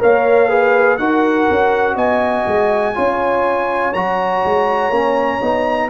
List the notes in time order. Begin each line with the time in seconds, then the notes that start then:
0.00 A#3 A#4 C#5 F5
0.49 G#4 B4
0.97 D#4 F#4 A#4 F#5
1.50 C#4
1.96 B3 D#5 G#5
2.47 G#3
2.95 C#4 F4 C#5
3.94 F#3 F#4 A#5
4.45 G#3
4.90 A#3 C#4
5.41 B3 D#4